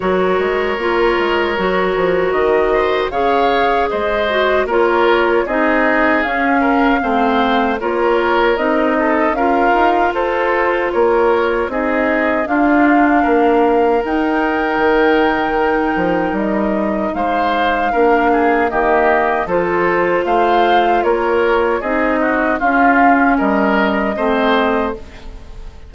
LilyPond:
<<
  \new Staff \with { instrumentName = "flute" } { \time 4/4 \tempo 4 = 77 cis''2. dis''4 | f''4 dis''4 cis''4 dis''4 | f''2 cis''4 dis''4 | f''4 c''4 cis''4 dis''4 |
f''2 g''2~ | g''4 dis''4 f''2 | dis''4 c''4 f''4 cis''4 | dis''4 f''4 dis''2 | }
  \new Staff \with { instrumentName = "oboe" } { \time 4/4 ais'2.~ ais'8 c''8 | cis''4 c''4 ais'4 gis'4~ | gis'8 ais'8 c''4 ais'4. a'8 | ais'4 a'4 ais'4 gis'4 |
f'4 ais'2.~ | ais'2 c''4 ais'8 gis'8 | g'4 a'4 c''4 ais'4 | gis'8 fis'8 f'4 ais'4 c''4 | }
  \new Staff \with { instrumentName = "clarinet" } { \time 4/4 fis'4 f'4 fis'2 | gis'4. fis'8 f'4 dis'4 | cis'4 c'4 f'4 dis'4 | f'2. dis'4 |
d'2 dis'2~ | dis'2. d'4 | ais4 f'2. | dis'4 cis'2 c'4 | }
  \new Staff \with { instrumentName = "bassoon" } { \time 4/4 fis8 gis8 ais8 gis8 fis8 f8 dis4 | cis4 gis4 ais4 c'4 | cis'4 a4 ais4 c'4 | cis'8 dis'8 f'4 ais4 c'4 |
d'4 ais4 dis'4 dis4~ | dis8 f8 g4 gis4 ais4 | dis4 f4 a4 ais4 | c'4 cis'4 g4 a4 | }
>>